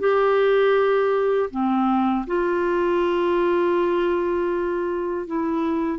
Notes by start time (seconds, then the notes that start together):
0.00 G4
1.51 C4
2.27 F4
5.27 E4